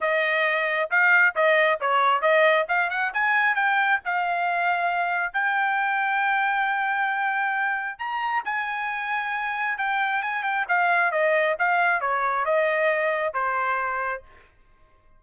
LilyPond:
\new Staff \with { instrumentName = "trumpet" } { \time 4/4 \tempo 4 = 135 dis''2 f''4 dis''4 | cis''4 dis''4 f''8 fis''8 gis''4 | g''4 f''2. | g''1~ |
g''2 ais''4 gis''4~ | gis''2 g''4 gis''8 g''8 | f''4 dis''4 f''4 cis''4 | dis''2 c''2 | }